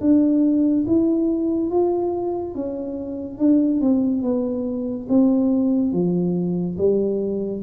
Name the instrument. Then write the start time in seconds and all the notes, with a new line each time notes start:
tuba
0.00 D4
0.86 E4
1.70 F4
2.54 C#4
3.38 D4
3.80 C4
4.22 B3
5.08 C4
5.92 F3
6.78 G3